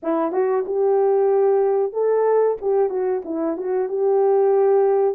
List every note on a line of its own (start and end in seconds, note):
0.03 0.32 E4
0.32 0.64 F#4
0.65 1.92 G4
1.92 2.57 A4
2.61 2.89 G4
2.89 3.21 F#4
3.24 3.57 E4
3.57 3.89 F#4
3.89 5.15 G4